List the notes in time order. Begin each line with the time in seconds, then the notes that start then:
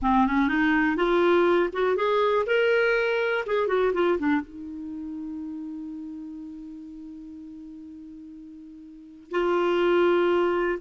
0.02 C4
0.27 C#4
0.48 D#4
0.96 F4
1.72 F#4
1.96 G#4
2.46 A#4
3.46 G#4
3.67 F#4
3.93 F4
4.18 D4
4.41 D#4
9.31 F4